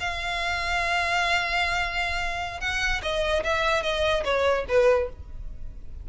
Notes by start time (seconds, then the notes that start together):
0.00 F5
2.60 F#5
3.02 D#5
3.43 E5
3.83 D#5
4.24 C#5
4.68 B4